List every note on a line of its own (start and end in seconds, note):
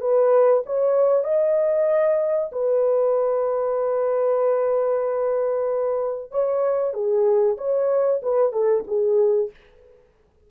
0.00 0.63 B4
0.66 1.24 C#5
1.24 2.50 D#5
2.52 6.31 B4
6.31 6.94 C#5
6.94 7.57 G#4
7.58 8.21 C#5
8.22 8.53 B4
8.53 8.84 A4
8.87 9.50 G#4